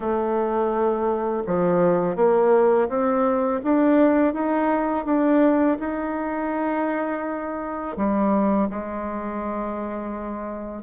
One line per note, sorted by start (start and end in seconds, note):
0.00 1.43 A3
1.46 2.16 F3
2.16 2.88 A#3
2.88 3.60 C4
3.63 4.33 D4
4.33 5.05 D#4
5.05 5.77 D4
5.79 7.96 D#4
7.96 8.68 G3
8.69 10.82 G#3